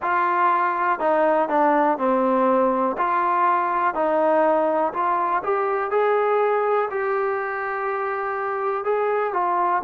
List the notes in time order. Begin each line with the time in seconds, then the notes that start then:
0.02 F4
0.99 D#4
1.48 D4
1.98 C4
2.97 F4
3.94 D#4
4.93 F4
5.43 G4
5.90 G#4
6.90 G4
8.84 G#4
9.33 F4